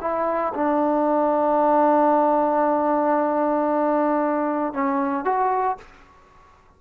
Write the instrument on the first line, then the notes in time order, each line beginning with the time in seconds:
trombone
0.00 E4
0.54 D4
4.73 C#4
5.24 F#4